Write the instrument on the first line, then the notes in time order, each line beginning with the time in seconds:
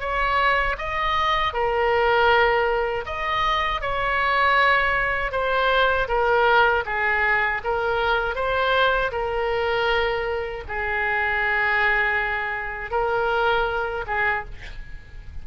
oboe
0.00 C#5
0.78 D#5
1.53 A#4
3.06 D#5
3.81 C#5
5.32 C5
6.08 A#4
6.86 G#4
7.64 A#4
8.35 C5
9.12 A#4
10.68 G#4
12.91 A#4
14.07 G#4